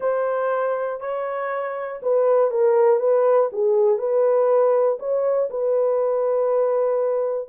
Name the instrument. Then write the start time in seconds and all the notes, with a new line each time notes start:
horn
0.00 C5
1.00 C#5
2.02 B4
2.50 A#4
2.99 B4
3.52 G#4
3.98 B4
4.99 C#5
5.50 B4